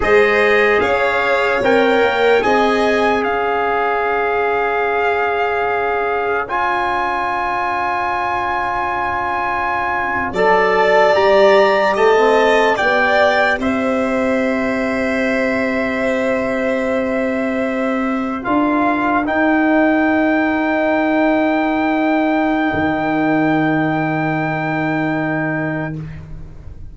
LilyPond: <<
  \new Staff \with { instrumentName = "trumpet" } { \time 4/4 \tempo 4 = 74 dis''4 f''4 g''4 gis''4 | f''1 | gis''1~ | gis''8. a''4 ais''4 a''4 g''16~ |
g''8. e''2.~ e''16~ | e''2~ e''8. f''4 g''16~ | g''1~ | g''1 | }
  \new Staff \with { instrumentName = "violin" } { \time 4/4 c''4 cis''2 dis''4 | cis''1~ | cis''1~ | cis''8. d''2 dis''4 d''16~ |
d''8. c''2.~ c''16~ | c''2~ c''8. ais'4~ ais'16~ | ais'1~ | ais'1 | }
  \new Staff \with { instrumentName = "trombone" } { \time 4/4 gis'2 ais'4 gis'4~ | gis'1 | f'1~ | f'8. a'4 g'4~ g'16 c'8. g'16~ |
g'1~ | g'2~ g'8. f'4 dis'16~ | dis'1~ | dis'1 | }
  \new Staff \with { instrumentName = "tuba" } { \time 4/4 gis4 cis'4 c'8 ais8 c'4 | cis'1~ | cis'1~ | cis'8. fis4 g4 a4 b16~ |
b8. c'2.~ c'16~ | c'2~ c'8. d'4 dis'16~ | dis'1 | dis1 | }
>>